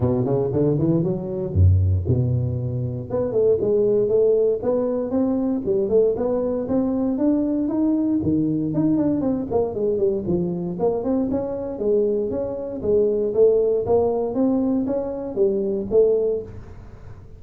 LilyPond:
\new Staff \with { instrumentName = "tuba" } { \time 4/4 \tempo 4 = 117 b,8 cis8 d8 e8 fis4 fis,4 | b,2 b8 a8 gis4 | a4 b4 c'4 g8 a8 | b4 c'4 d'4 dis'4 |
dis4 dis'8 d'8 c'8 ais8 gis8 g8 | f4 ais8 c'8 cis'4 gis4 | cis'4 gis4 a4 ais4 | c'4 cis'4 g4 a4 | }